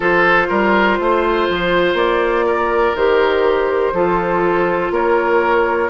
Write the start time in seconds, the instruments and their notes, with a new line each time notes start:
0.00 bassoon F3, clarinet F4, oboe A4, flute C5
0.48 bassoon G3, oboe A#4
0.99 bassoon A3, oboe C5
1.49 bassoon F3
1.93 bassoon A#3, flute D5
2.45 oboe A#4
2.94 bassoon D#3, clarinet G4, flute C5
3.92 bassoon F3, clarinet F4, oboe A4
4.90 bassoon A#3, oboe A#4, flute C#5